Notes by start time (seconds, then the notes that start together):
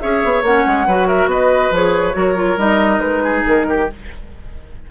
0.00 C#4 G#4 C#5 E5
0.24 B3
0.42 A#3 C#4 F#5
0.67 G#3
0.87 F#3 F#4 B4
1.08 A#4 E5
1.26 B3 B4 D#5
1.72 F3 G#4 C#5
2.13 F#3 F#4 A#4
2.36 F4
2.57 G3 D#4 D#5
3.00 G#3 B4
3.24 G#4
3.47 D#3 A#4
3.69 G4